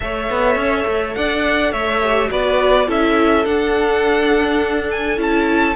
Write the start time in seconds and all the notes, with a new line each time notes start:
0.00 A3 A4 C#5 E5
0.30 B3
0.55 C#4
0.86 A3
1.14 D4 D5 F#5
1.71 A3 C#5 E5
2.01 G4
2.29 B3 F#4 B4 D5
2.87 C#4 E4 A4 E5
3.44 D4 F#5
4.90 G#5
5.16 C#4 E4 A5